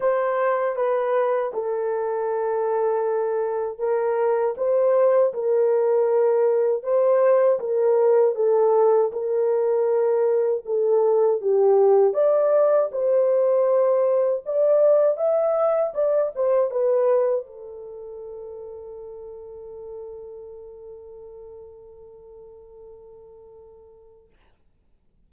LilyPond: \new Staff \with { instrumentName = "horn" } { \time 4/4 \tempo 4 = 79 c''4 b'4 a'2~ | a'4 ais'4 c''4 ais'4~ | ais'4 c''4 ais'4 a'4 | ais'2 a'4 g'4 |
d''4 c''2 d''4 | e''4 d''8 c''8 b'4 a'4~ | a'1~ | a'1 | }